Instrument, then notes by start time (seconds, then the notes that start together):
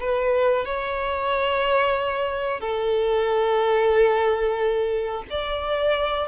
violin
0.00 B4
0.65 C#5
2.60 A4
5.30 D5